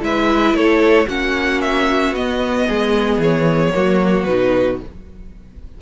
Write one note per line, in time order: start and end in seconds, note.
0.00 0.53 G#3
0.00 1.06 E4
0.00 0.57 B4
0.00 0.55 E5
0.53 1.07 A3
0.53 1.07 A4
0.53 1.08 C#5
1.07 2.12 A#3
1.07 2.15 C#4
1.07 2.67 F#4
1.07 1.61 F#5
1.61 2.14 E5
2.12 2.65 B3
2.12 3.73 B3
2.12 3.21 D#5
2.68 3.18 G#3
2.68 3.74 G#4
3.18 3.71 E3
3.18 4.24 C#5
3.73 4.26 F#3
3.73 4.26 A#3
3.73 4.81 F#4
4.24 4.79 B2
4.24 4.81 D#4
4.24 4.77 B4